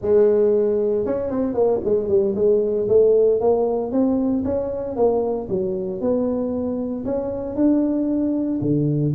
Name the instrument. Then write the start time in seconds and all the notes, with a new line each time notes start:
tuba
0.01 G#3
1.05 C#4
1.30 C4
1.54 A#3
1.84 G#3
2.08 G3
2.35 G#3
2.88 A3
3.40 A#3
3.91 C4
4.44 C#4
4.96 A#3
5.49 F#3
6.00 B3
7.05 C#4
7.55 D4
8.61 D3